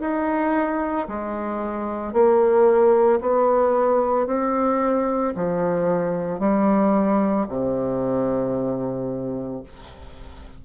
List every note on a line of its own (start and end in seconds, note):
0.00 1.07 D#4
1.08 2.13 G#3
2.13 3.20 A#3
3.20 4.26 B3
4.26 5.33 C4
5.35 6.39 F3
6.39 7.47 G3
7.49 9.63 C3